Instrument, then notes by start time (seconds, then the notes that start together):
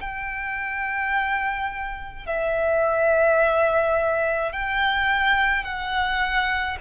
violin
0.00 G5
2.26 E5
4.52 G5
5.64 F#5